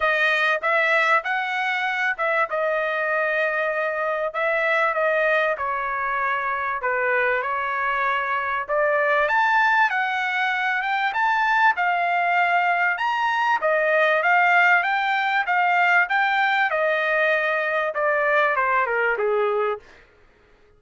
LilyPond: \new Staff \with { instrumentName = "trumpet" } { \time 4/4 \tempo 4 = 97 dis''4 e''4 fis''4. e''8 | dis''2. e''4 | dis''4 cis''2 b'4 | cis''2 d''4 a''4 |
fis''4. g''8 a''4 f''4~ | f''4 ais''4 dis''4 f''4 | g''4 f''4 g''4 dis''4~ | dis''4 d''4 c''8 ais'8 gis'4 | }